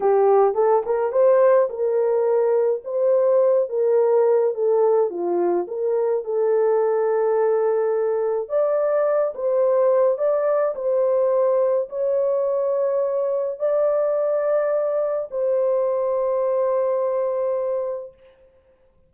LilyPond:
\new Staff \with { instrumentName = "horn" } { \time 4/4 \tempo 4 = 106 g'4 a'8 ais'8 c''4 ais'4~ | ais'4 c''4. ais'4. | a'4 f'4 ais'4 a'4~ | a'2. d''4~ |
d''8 c''4. d''4 c''4~ | c''4 cis''2. | d''2. c''4~ | c''1 | }